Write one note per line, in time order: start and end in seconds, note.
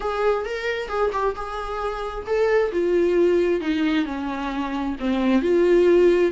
0.00 0.45 G#4
0.45 0.88 A#4
0.88 1.11 G#4
1.12 1.35 G4
1.35 2.26 G#4
2.26 2.71 A4
2.71 3.60 F4
3.60 4.05 D#4
4.05 4.95 C#4
4.99 5.42 C4
5.42 6.31 F4